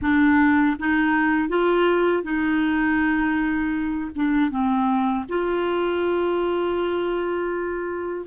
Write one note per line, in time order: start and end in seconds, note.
0.01 0.76 D4
0.79 1.49 D#4
1.49 2.23 F4
2.23 4.10 D#4
4.15 4.50 D4
4.50 5.25 C4
5.28 8.26 F4